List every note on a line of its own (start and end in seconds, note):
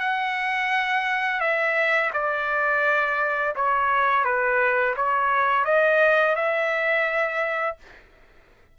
0.00 1.41 F#5
1.41 2.11 E5
2.14 3.55 D5
3.56 4.25 C#5
4.25 4.95 B4
4.97 5.65 C#5
5.65 6.36 D#5
6.36 7.77 E5